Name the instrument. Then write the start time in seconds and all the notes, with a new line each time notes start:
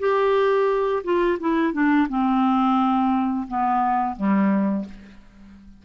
clarinet
0.00 G4
1.04 F4
1.40 E4
1.73 D4
2.09 C4
3.48 B3
4.17 G3